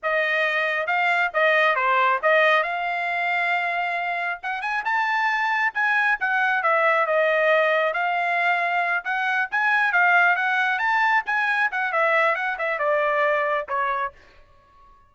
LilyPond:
\new Staff \with { instrumentName = "trumpet" } { \time 4/4 \tempo 4 = 136 dis''2 f''4 dis''4 | c''4 dis''4 f''2~ | f''2 fis''8 gis''8 a''4~ | a''4 gis''4 fis''4 e''4 |
dis''2 f''2~ | f''8 fis''4 gis''4 f''4 fis''8~ | fis''8 a''4 gis''4 fis''8 e''4 | fis''8 e''8 d''2 cis''4 | }